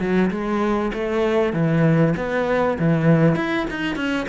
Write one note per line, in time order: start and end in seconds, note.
0.00 0.31 F#3
0.31 0.92 G#3
0.94 1.53 A3
1.53 2.15 E3
2.17 2.78 B3
2.79 3.36 E3
3.36 3.67 E4
3.70 3.96 D#4
3.96 4.26 C#4